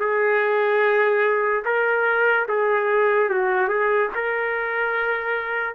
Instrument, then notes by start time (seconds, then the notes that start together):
trumpet
0.00 G#4
1.65 A#4
2.49 G#4
3.30 F#4
3.68 G#4
4.15 A#4